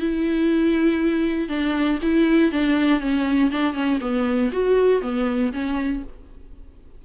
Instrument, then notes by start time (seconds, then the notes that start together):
viola
0.00 E4
1.49 D4
2.02 E4
2.52 D4
3.00 C#4
3.51 D4
3.74 C#4
4.01 B3
4.53 F#4
5.02 B3
5.53 C#4